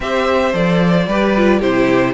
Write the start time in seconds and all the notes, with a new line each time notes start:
0.00 C4 G4 C5 E5
0.53 F3 A4 D5
1.07 G3 G4 B4
1.36 F4
1.59 C3 E4 G4 C5